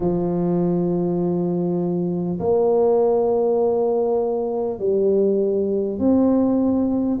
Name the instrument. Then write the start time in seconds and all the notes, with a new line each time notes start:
tuba
0.00 F3
2.39 A#3
4.79 G3
5.98 C4